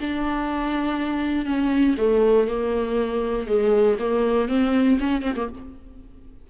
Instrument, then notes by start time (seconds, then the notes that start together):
viola
0.00 D4
1.45 C#4
1.97 A3
2.47 A#3
3.47 G#3
3.99 A#3
4.48 C4
5.00 C#4
5.22 C4
5.36 A#3